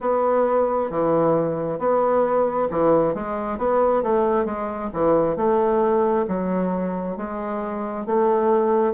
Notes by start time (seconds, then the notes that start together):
0.00 B3
0.90 E3
1.78 B3
2.70 E3
3.14 G#3
3.57 B3
4.03 A3
4.45 G#3
4.93 E3
5.36 A3
6.27 F#3
7.16 G#3
8.06 A3